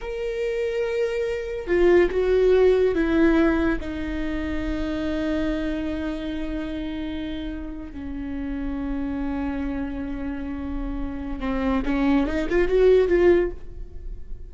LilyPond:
\new Staff \with { instrumentName = "viola" } { \time 4/4 \tempo 4 = 142 ais'1 | f'4 fis'2 e'4~ | e'4 dis'2.~ | dis'1~ |
dis'2~ dis'8. cis'4~ cis'16~ | cis'1~ | cis'2. c'4 | cis'4 dis'8 f'8 fis'4 f'4 | }